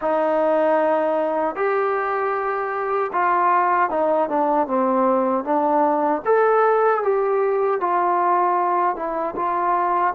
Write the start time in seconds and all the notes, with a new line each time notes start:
0.01 D#4
1.55 G4
3.12 F4
3.90 D#4
4.29 D4
4.67 C4
5.44 D4
6.25 A4
7.03 G4
7.80 F4
8.95 E4
9.36 F4